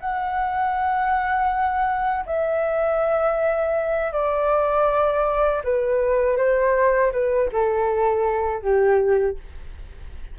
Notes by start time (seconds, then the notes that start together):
0.00 F#5
2.26 E5
4.12 D5
5.64 B4
6.37 C5
7.12 B4
7.52 A4
8.62 G4